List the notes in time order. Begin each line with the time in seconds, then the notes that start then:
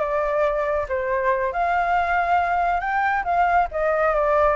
0.00 D5
0.89 C5
1.53 F5
2.80 G5
3.25 F5
3.72 D#5
4.15 D5